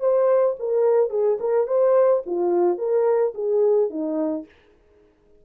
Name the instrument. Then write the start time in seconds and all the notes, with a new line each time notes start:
horn
0.00 C5
0.59 A#4
1.10 G#4
1.40 A#4
1.67 C5
2.26 F4
2.78 A#4
3.35 G#4
3.90 D#4